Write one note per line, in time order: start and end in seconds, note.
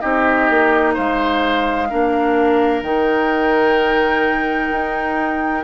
0.00 0.50 C4
0.00 1.88 D#4
0.00 0.94 G4
0.00 0.94 D#5
0.50 0.97 A#3
0.94 1.92 G#3
0.94 1.88 C5
0.94 2.83 F5
1.90 2.82 A#3
1.90 2.84 D4
1.90 5.64 A#4
2.82 4.70 D#3
2.82 5.64 D#4
2.82 5.64 G5
4.72 5.64 D#4